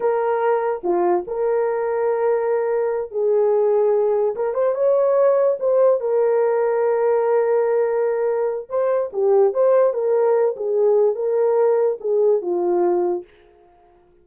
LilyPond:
\new Staff \with { instrumentName = "horn" } { \time 4/4 \tempo 4 = 145 ais'2 f'4 ais'4~ | ais'2.~ ais'8 gis'8~ | gis'2~ gis'8 ais'8 c''8 cis''8~ | cis''4. c''4 ais'4.~ |
ais'1~ | ais'4 c''4 g'4 c''4 | ais'4. gis'4. ais'4~ | ais'4 gis'4 f'2 | }